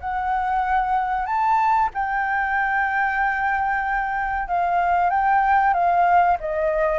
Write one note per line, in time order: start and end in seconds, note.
0.00 1.26 F#5
1.26 1.90 A5
1.94 4.48 G5
4.48 5.10 F5
5.10 5.74 G5
5.74 6.37 F5
6.40 6.99 D#5